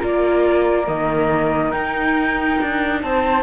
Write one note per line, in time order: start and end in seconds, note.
0.00 0.88 A#3
0.00 0.86 F4
0.00 3.00 A#4
0.00 0.87 D5
0.87 1.73 D#3
0.87 1.72 A#3
0.87 1.72 D#5
1.72 2.59 D#4
1.72 3.43 D#4
1.72 3.00 G5
2.61 3.03 D4
3.02 3.43 C4
3.02 3.43 C5
3.02 3.43 A5